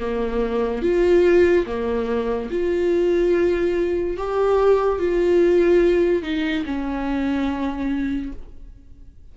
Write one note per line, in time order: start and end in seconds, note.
0.00 0.83 A#3
0.83 1.66 F4
1.67 2.50 A#3
2.51 4.17 F4
4.17 4.99 G4
4.99 6.23 F4
6.23 6.64 D#4
6.66 8.33 C#4